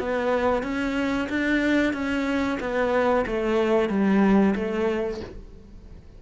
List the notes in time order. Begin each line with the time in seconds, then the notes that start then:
0.00 B3
0.63 C#4
1.30 D4
1.94 C#4
2.61 B3
3.27 A3
3.90 G3
4.55 A3